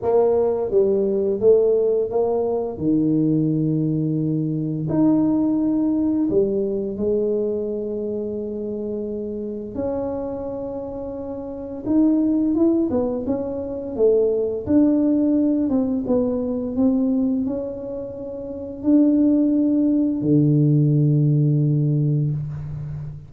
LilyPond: \new Staff \with { instrumentName = "tuba" } { \time 4/4 \tempo 4 = 86 ais4 g4 a4 ais4 | dis2. dis'4~ | dis'4 g4 gis2~ | gis2 cis'2~ |
cis'4 dis'4 e'8 b8 cis'4 | a4 d'4. c'8 b4 | c'4 cis'2 d'4~ | d'4 d2. | }